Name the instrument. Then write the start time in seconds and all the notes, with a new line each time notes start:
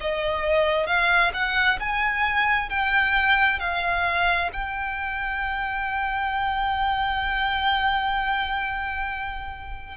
violin
0.00 D#5
0.86 F5
1.33 F#5
1.79 G#5
2.69 G5
3.59 F5
4.52 G5